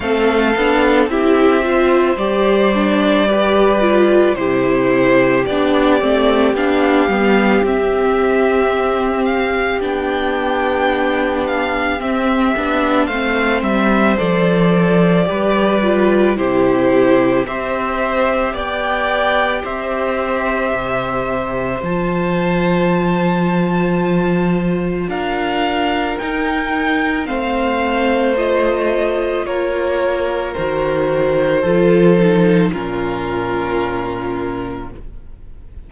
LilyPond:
<<
  \new Staff \with { instrumentName = "violin" } { \time 4/4 \tempo 4 = 55 f''4 e''4 d''2 | c''4 d''4 f''4 e''4~ | e''8 f''8 g''4. f''8 e''4 | f''8 e''8 d''2 c''4 |
e''4 g''4 e''2 | a''2. f''4 | g''4 f''4 dis''4 cis''4 | c''2 ais'2 | }
  \new Staff \with { instrumentName = "violin" } { \time 4/4 a'4 g'8 c''4. b'4 | g'1~ | g'1 | c''2 b'4 g'4 |
c''4 d''4 c''2~ | c''2. ais'4~ | ais'4 c''2 ais'4~ | ais'4 a'4 f'2 | }
  \new Staff \with { instrumentName = "viola" } { \time 4/4 c'8 d'8 e'8 f'8 g'8 d'8 g'8 f'8 | e'4 d'8 c'8 d'8 b8 c'4~ | c'4 d'2 c'8 d'8 | c'4 a'4 g'8 f'8 e'4 |
g'1 | f'1 | dis'4 c'4 f'2 | fis'4 f'8 dis'8 cis'2 | }
  \new Staff \with { instrumentName = "cello" } { \time 4/4 a8 b8 c'4 g2 | c4 b8 a8 b8 g8 c'4~ | c'4 b2 c'8 b8 | a8 g8 f4 g4 c4 |
c'4 b4 c'4 c4 | f2. d'4 | dis'4 a2 ais4 | dis4 f4 ais,2 | }
>>